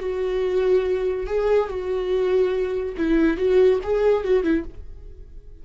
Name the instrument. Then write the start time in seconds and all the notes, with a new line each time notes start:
viola
0.00 F#4
1.27 G#4
1.69 F#4
2.98 E4
3.38 F#4
3.83 G#4
4.24 F#4
4.43 E4